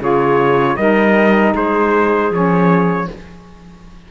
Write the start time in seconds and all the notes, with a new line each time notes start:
0.00 C#3 F4 G#4 C#5
0.77 G3 D#4 A#4 D#5
1.54 G#3 G#4 C5
2.31 F3 C#4 C#5